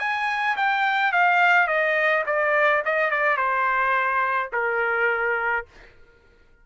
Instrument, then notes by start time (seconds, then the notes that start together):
trumpet
0.00 G#5
0.57 G5
1.12 F5
1.68 D#5
2.27 D5
2.86 D#5
3.11 D5
3.38 C5
4.53 A#4